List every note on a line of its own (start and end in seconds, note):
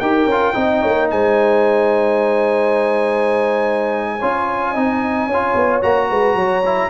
0.00 0.26 D#4
0.00 0.30 G4
0.00 0.56 A#4
0.00 1.08 G5
0.26 0.53 C#4
0.26 0.55 F4
0.55 0.83 C4
0.55 4.19 D#4
0.55 0.82 D#5
0.82 1.11 A#3
0.82 1.09 C#5
1.10 4.22 G#3
1.10 4.19 C5
1.10 5.83 G#5
4.19 4.76 C#4
4.19 4.76 F4
4.19 4.71 C#5
4.71 5.27 C4
4.71 5.30 D#4
4.71 5.25 D#5
5.27 5.54 C#4
5.27 6.08 C#5
5.34 5.82 F4
5.55 5.82 B3
5.82 6.10 A#3
5.82 6.63 F#4
5.82 6.91 A#5
6.10 6.35 G#3
6.10 6.36 B4
6.35 6.90 F#3
6.35 6.90 C#5
6.66 6.91 E4